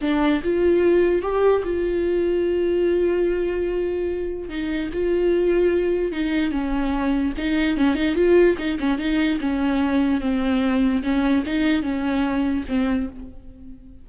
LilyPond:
\new Staff \with { instrumentName = "viola" } { \time 4/4 \tempo 4 = 147 d'4 f'2 g'4 | f'1~ | f'2. dis'4 | f'2. dis'4 |
cis'2 dis'4 cis'8 dis'8 | f'4 dis'8 cis'8 dis'4 cis'4~ | cis'4 c'2 cis'4 | dis'4 cis'2 c'4 | }